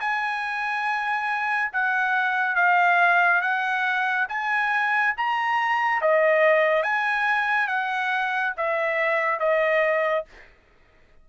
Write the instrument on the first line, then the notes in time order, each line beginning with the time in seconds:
trumpet
0.00 G#5
1.73 F#5
2.56 F5
3.41 F#5
4.29 G#5
5.17 A#5
6.01 D#5
6.83 G#5
7.68 F#5
8.57 E5
9.39 D#5